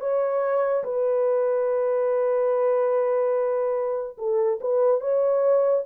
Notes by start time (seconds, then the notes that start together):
0.00 C#5
0.84 B4
4.18 A4
4.61 B4
5.00 C#5